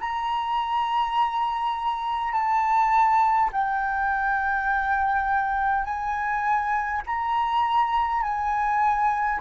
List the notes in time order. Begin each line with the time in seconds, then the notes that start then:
0.00 A#5
2.32 A5
3.52 G5
5.84 G#5
7.06 A#5
8.22 G#5